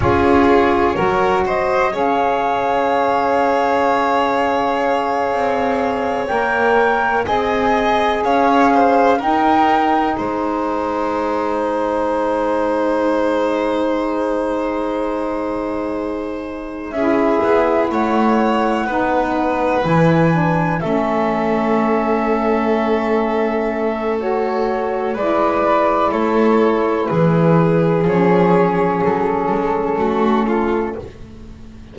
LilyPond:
<<
  \new Staff \with { instrumentName = "flute" } { \time 4/4 \tempo 4 = 62 cis''4. dis''8 f''2~ | f''2~ f''8 g''4 gis''8~ | gis''8 f''4 g''4 gis''4.~ | gis''1~ |
gis''4. e''4 fis''4.~ | fis''8 gis''4 e''2~ e''8~ | e''4 cis''4 d''4 cis''4 | b'4 cis''4 a'2 | }
  \new Staff \with { instrumentName = "violin" } { \time 4/4 gis'4 ais'8 c''8 cis''2~ | cis''2.~ cis''8 dis''8~ | dis''8 cis''8 c''8 ais'4 c''4.~ | c''1~ |
c''4. gis'4 cis''4 b'8~ | b'4. a'2~ a'8~ | a'2 b'4 a'4 | gis'2. fis'8 f'8 | }
  \new Staff \with { instrumentName = "saxophone" } { \time 4/4 f'4 fis'4 gis'2~ | gis'2~ gis'8 ais'4 gis'8~ | gis'4. dis'2~ dis'8~ | dis'1~ |
dis'4. e'2 dis'8~ | dis'8 e'8 d'8 cis'2~ cis'8~ | cis'4 fis'4 e'2~ | e'4 cis'2. | }
  \new Staff \with { instrumentName = "double bass" } { \time 4/4 cis'4 fis4 cis'2~ | cis'4. c'4 ais4 c'8~ | c'8 cis'4 dis'4 gis4.~ | gis1~ |
gis4. cis'8 b8 a4 b8~ | b8 e4 a2~ a8~ | a2 gis4 a4 | e4 f4 fis8 gis8 a4 | }
>>